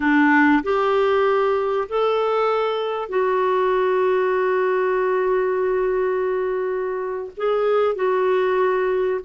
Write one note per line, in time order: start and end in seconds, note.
0.00 0.62 D4
0.63 1.88 G4
1.88 3.09 A4
3.09 7.30 F#4
7.36 7.95 G#4
7.95 9.20 F#4